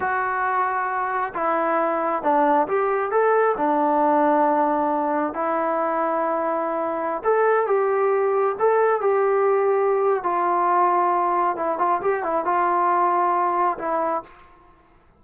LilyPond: \new Staff \with { instrumentName = "trombone" } { \time 4/4 \tempo 4 = 135 fis'2. e'4~ | e'4 d'4 g'4 a'4 | d'1 | e'1~ |
e'16 a'4 g'2 a'8.~ | a'16 g'2~ g'8. f'4~ | f'2 e'8 f'8 g'8 e'8 | f'2. e'4 | }